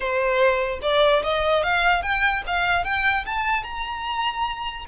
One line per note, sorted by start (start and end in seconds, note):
0.00 0.79 C5
0.82 1.22 D5
1.23 1.63 D#5
1.63 2.02 F5
2.02 2.42 G5
2.46 2.84 F5
2.84 3.25 G5
3.25 3.63 A5
3.63 4.85 A#5